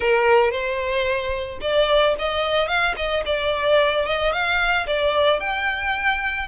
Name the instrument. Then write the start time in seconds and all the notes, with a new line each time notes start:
violin
0.00 A#4
0.51 C5
1.61 D5
2.18 D#5
2.68 F5
2.96 D#5
3.25 D5
4.05 D#5
4.32 F5
4.86 D5
5.40 G5